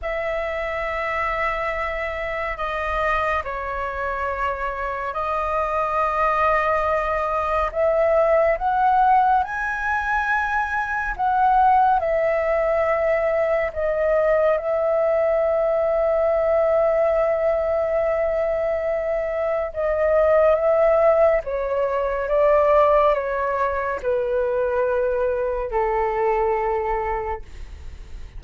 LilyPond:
\new Staff \with { instrumentName = "flute" } { \time 4/4 \tempo 4 = 70 e''2. dis''4 | cis''2 dis''2~ | dis''4 e''4 fis''4 gis''4~ | gis''4 fis''4 e''2 |
dis''4 e''2.~ | e''2. dis''4 | e''4 cis''4 d''4 cis''4 | b'2 a'2 | }